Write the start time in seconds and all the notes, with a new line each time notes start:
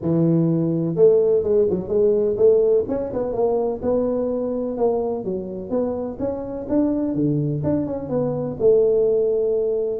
0.01 E3
0.95 A3
1.43 G#3
1.70 F#3
1.88 G#3
2.36 A3
2.88 C#4
3.13 B3
3.32 A#3
3.81 B3
4.77 A#3
5.24 F#3
5.70 B3
6.19 C#4
6.68 D4
7.14 D3
7.63 D4
7.86 C#4
8.09 B3
8.59 A3